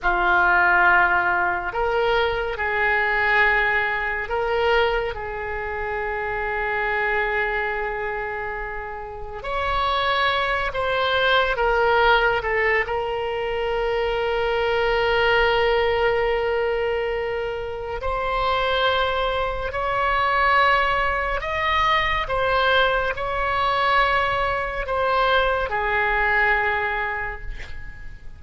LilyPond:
\new Staff \with { instrumentName = "oboe" } { \time 4/4 \tempo 4 = 70 f'2 ais'4 gis'4~ | gis'4 ais'4 gis'2~ | gis'2. cis''4~ | cis''8 c''4 ais'4 a'8 ais'4~ |
ais'1~ | ais'4 c''2 cis''4~ | cis''4 dis''4 c''4 cis''4~ | cis''4 c''4 gis'2 | }